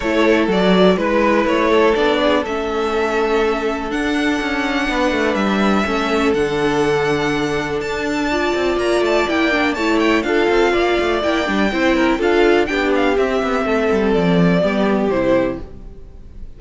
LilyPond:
<<
  \new Staff \with { instrumentName = "violin" } { \time 4/4 \tempo 4 = 123 cis''4 d''4 b'4 cis''4 | d''4 e''2. | fis''2. e''4~ | e''4 fis''2. |
a''2 ais''8 a''8 g''4 | a''8 g''8 f''2 g''4~ | g''4 f''4 g''8 f''8 e''4~ | e''4 d''2 c''4 | }
  \new Staff \with { instrumentName = "violin" } { \time 4/4 a'2 b'4. a'8~ | a'8 gis'8 a'2.~ | a'2 b'2 | a'1~ |
a'4 d''2. | cis''4 a'4 d''2 | c''8 ais'8 a'4 g'2 | a'2 g'2 | }
  \new Staff \with { instrumentName = "viola" } { \time 4/4 e'4 fis'4 e'2 | d'4 cis'2. | d'1 | cis'4 d'2.~ |
d'4 f'2 e'8 d'8 | e'4 f'2 e'8 d'8 | e'4 f'4 d'4 c'4~ | c'2 b4 e'4 | }
  \new Staff \with { instrumentName = "cello" } { \time 4/4 a4 fis4 gis4 a4 | b4 a2. | d'4 cis'4 b8 a8 g4 | a4 d2. |
d'4. c'8 ais8 a8 ais4 | a4 d'8 c'8 ais8 a8 ais8 g8 | c'4 d'4 b4 c'8 b8 | a8 g8 f4 g4 c4 | }
>>